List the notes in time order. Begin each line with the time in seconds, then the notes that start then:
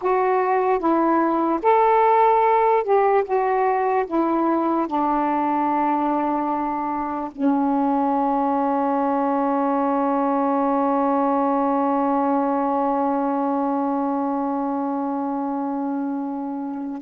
0.01 F#4
0.79 E4
1.62 A4
2.83 G4
3.24 F#4
4.06 E4
4.86 D4
7.31 C#4